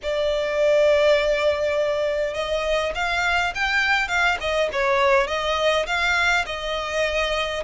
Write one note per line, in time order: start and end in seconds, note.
0.02 2.34 D5
2.34 2.93 D#5
2.94 3.53 F5
3.55 4.07 G5
4.07 4.37 F5
4.40 4.69 D#5
4.72 5.27 C#5
5.27 5.86 D#5
5.86 6.45 F5
6.45 7.63 D#5